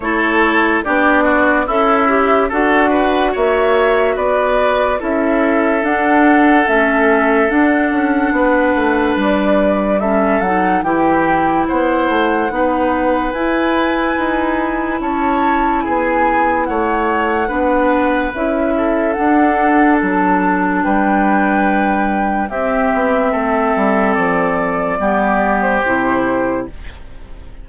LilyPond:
<<
  \new Staff \with { instrumentName = "flute" } { \time 4/4 \tempo 4 = 72 cis''4 d''4 e''4 fis''4 | e''4 d''4 e''4 fis''4 | e''4 fis''2 d''4 | e''8 fis''8 g''4 fis''2 |
gis''2 a''4 gis''4 | fis''2 e''4 fis''4 | a''4 g''2 e''4~ | e''4 d''4.~ d''16 c''4~ c''16 | }
  \new Staff \with { instrumentName = "oboe" } { \time 4/4 a'4 g'8 fis'8 e'4 a'8 b'8 | cis''4 b'4 a'2~ | a'2 b'2 | a'4 g'4 c''4 b'4~ |
b'2 cis''4 gis'4 | cis''4 b'4. a'4.~ | a'4 b'2 g'4 | a'2 g'2 | }
  \new Staff \with { instrumentName = "clarinet" } { \time 4/4 e'4 d'4 a'8 g'8 fis'4~ | fis'2 e'4 d'4 | cis'4 d'2. | cis'8 dis'8 e'2 dis'4 |
e'1~ | e'4 d'4 e'4 d'4~ | d'2. c'4~ | c'2 b4 e'4 | }
  \new Staff \with { instrumentName = "bassoon" } { \time 4/4 a4 b4 cis'4 d'4 | ais4 b4 cis'4 d'4 | a4 d'8 cis'8 b8 a8 g4~ | g8 fis8 e4 b8 a8 b4 |
e'4 dis'4 cis'4 b4 | a4 b4 cis'4 d'4 | fis4 g2 c'8 b8 | a8 g8 f4 g4 c4 | }
>>